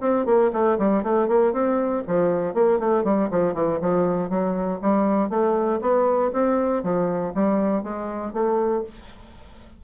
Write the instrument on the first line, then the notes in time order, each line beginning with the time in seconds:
bassoon
0.00 C4
0.25 A#3
0.53 A3
0.78 G3
1.03 A3
1.28 A#3
1.53 C4
2.07 F3
2.54 A#3
2.79 A3
3.04 G3
3.31 F3
3.54 E3
3.81 F3
4.29 F#3
4.81 G3
5.29 A3
5.81 B3
6.33 C4
6.83 F3
7.34 G3
7.83 G#3
8.33 A3